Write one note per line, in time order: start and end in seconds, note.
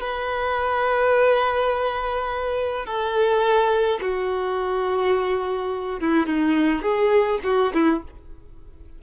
0.00 2.85 B4
2.85 3.99 A4
4.01 6.00 F#4
6.00 6.26 E4
6.26 6.82 D#4
6.82 7.39 G#4
7.44 7.72 F#4
7.74 8.02 E4